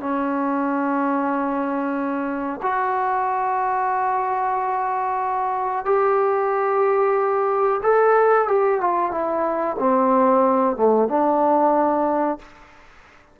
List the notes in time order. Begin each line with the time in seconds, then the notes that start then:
0.00 C#4
2.63 F#4
5.85 G4
7.83 A4
8.48 G4
8.81 F4
9.12 E4
9.80 C4
10.77 A3
11.09 D4